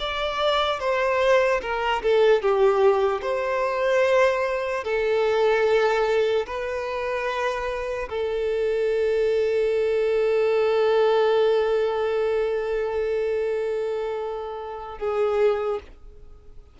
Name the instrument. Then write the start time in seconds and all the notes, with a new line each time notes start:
violin
0.00 D5
0.80 C5
1.62 A#4
2.03 A4
2.42 G4
3.22 C5
4.84 A4
6.47 B4
8.09 A4
14.99 G#4